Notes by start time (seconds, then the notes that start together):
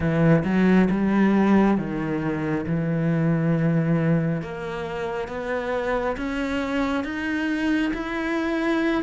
0.00 E3
0.44 F#3
0.90 G3
1.77 D#3
2.66 E3
4.42 A#3
5.27 B3
6.16 C#4
7.03 D#4
7.93 E4